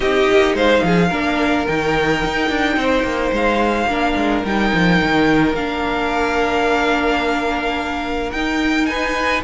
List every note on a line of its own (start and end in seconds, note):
0.00 0.27 C4
0.00 1.10 D#4
0.00 0.55 G4
0.00 0.56 D#5
0.31 0.54 A#3
0.54 0.81 G#3
0.54 0.83 C5
0.54 1.67 F5
0.83 1.11 F3
0.83 1.07 G#4
1.07 1.66 A#3
1.07 1.67 D4
1.07 2.74 A#4
1.67 2.24 D#3
1.67 3.89 D#4
1.67 3.33 G5
2.24 2.49 D#4
2.49 2.77 D4
2.77 3.03 C4
2.77 3.89 C5
3.03 3.31 A#3
3.32 3.86 G#3
3.32 4.45 F5
3.86 4.13 A#3
3.86 4.45 D4
3.86 8.88 A#4
4.16 4.43 G#3
4.44 4.72 G3
4.44 5.56 D#4
4.44 5.55 G5
4.73 5.01 F3
5.02 5.54 D#3
5.54 8.31 A#3
5.54 8.34 D4
5.54 8.31 F5
8.31 9.43 D#4
8.31 8.85 G5
8.85 9.43 B4
8.85 9.41 G#5